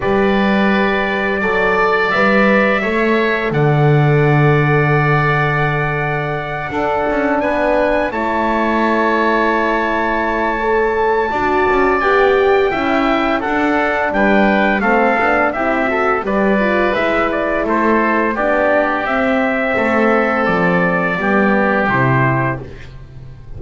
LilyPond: <<
  \new Staff \with { instrumentName = "trumpet" } { \time 4/4 \tempo 4 = 85 d''2. e''4~ | e''4 fis''2.~ | fis''2~ fis''8 gis''4 a''8~ | a''1~ |
a''4 g''2 fis''4 | g''4 f''4 e''4 d''4 | e''8 d''8 c''4 d''4 e''4~ | e''4 d''2 c''4 | }
  \new Staff \with { instrumentName = "oboe" } { \time 4/4 b'2 d''2 | cis''4 d''2.~ | d''4. a'4 b'4 cis''8~ | cis''1 |
d''2 e''4 a'4 | b'4 a'4 g'8 a'8 b'4~ | b'4 a'4 g'2 | a'2 g'2 | }
  \new Staff \with { instrumentName = "horn" } { \time 4/4 g'2 a'4 b'4 | a'1~ | a'4. d'2 e'8~ | e'2. a'4 |
fis'4 g'4 e'4 d'4~ | d'4 c'8 d'8 e'8 fis'8 g'8 f'8 | e'2 d'4 c'4~ | c'2 b4 e'4 | }
  \new Staff \with { instrumentName = "double bass" } { \time 4/4 g2 fis4 g4 | a4 d2.~ | d4. d'8 cis'8 b4 a8~ | a1 |
d'8 cis'8 b4 cis'4 d'4 | g4 a8 b8 c'4 g4 | gis4 a4 b4 c'4 | a4 f4 g4 c4 | }
>>